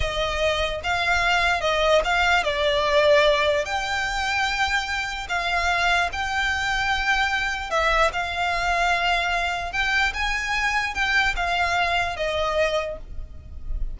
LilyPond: \new Staff \with { instrumentName = "violin" } { \time 4/4 \tempo 4 = 148 dis''2 f''2 | dis''4 f''4 d''2~ | d''4 g''2.~ | g''4 f''2 g''4~ |
g''2. e''4 | f''1 | g''4 gis''2 g''4 | f''2 dis''2 | }